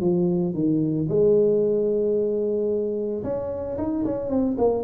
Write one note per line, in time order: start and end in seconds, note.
0.00 0.54 F3
0.54 1.07 D#3
1.09 3.23 G#3
3.23 3.77 C#4
3.77 4.04 D#4
4.04 4.29 C#4
4.29 4.56 C4
4.58 4.84 A#3